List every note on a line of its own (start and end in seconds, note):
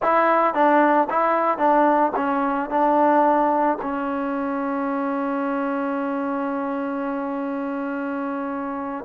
0.02 0.54 E4
0.54 1.08 D4
1.10 1.57 E4
1.57 2.12 D4
2.16 2.70 C#4
2.70 3.78 D4
3.82 9.04 C#4